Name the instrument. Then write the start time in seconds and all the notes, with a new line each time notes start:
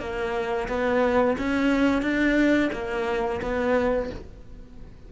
cello
0.00 A#3
0.68 B3
1.38 C#4
2.02 D4
2.73 A#3
3.42 B3